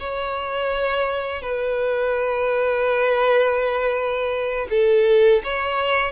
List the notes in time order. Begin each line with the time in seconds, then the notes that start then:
0.00 C#5
1.42 B4
4.70 A4
5.44 C#5